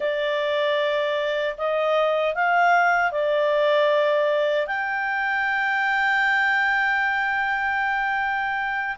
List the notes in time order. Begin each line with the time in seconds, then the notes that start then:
0.00 D5
1.57 D#5
2.34 F5
3.11 D5
4.67 G5